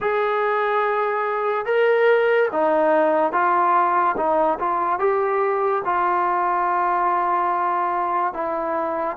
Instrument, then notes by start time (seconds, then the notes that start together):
trombone
0.00 G#4
1.65 A#4
2.52 D#4
3.32 F4
4.16 D#4
4.59 F4
4.99 G4
5.84 F4
8.33 E4